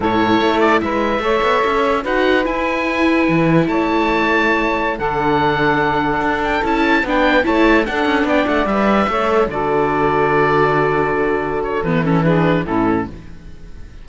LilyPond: <<
  \new Staff \with { instrumentName = "oboe" } { \time 4/4 \tempo 4 = 147 cis''4. d''8 e''2~ | e''4 fis''4 gis''2~ | gis''4 a''2.~ | a''16 fis''2.~ fis''8 g''16~ |
g''16 a''4 g''4 a''4 fis''8.~ | fis''16 g''8 fis''8 e''2 d''8.~ | d''1~ | d''8 cis''8 b'8 a'8 b'4 a'4 | }
  \new Staff \with { instrumentName = "saxophone" } { \time 4/4 a'2 b'4 cis''4~ | cis''4 b'2.~ | b'4 cis''2.~ | cis''16 a'2.~ a'8.~ |
a'4~ a'16 b'4 cis''4 a'8.~ | a'16 d''2 cis''4 a'8.~ | a'1~ | a'2 gis'4 e'4 | }
  \new Staff \with { instrumentName = "viola" } { \time 4/4 e'2. a'4~ | a'4 fis'4 e'2~ | e'1~ | e'16 d'2.~ d'8.~ |
d'16 e'4 d'4 e'4 d'8.~ | d'4~ d'16 b'4 a'4 fis'8.~ | fis'1~ | fis'4 b8 cis'8 d'4 cis'4 | }
  \new Staff \with { instrumentName = "cello" } { \time 4/4 a,4 a4 gis4 a8 b8 | cis'4 dis'4 e'2 | e4 a2.~ | a16 d2. d'8.~ |
d'16 cis'4 b4 a4 d'8 cis'16~ | cis'16 b8 a8 g4 a4 d8.~ | d1~ | d4 e2 a,4 | }
>>